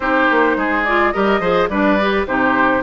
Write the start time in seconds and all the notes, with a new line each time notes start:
0.00 C4 D#4 G4 C5
0.30 A#3
0.56 G#3 G#4
0.84 F4 D5
1.11 G3 G4 A#4 D#5
1.40 F3 G#4 C5
1.69 G3 D4 B4 D5
2.00 G4
2.26 C3 D#4 G4 C5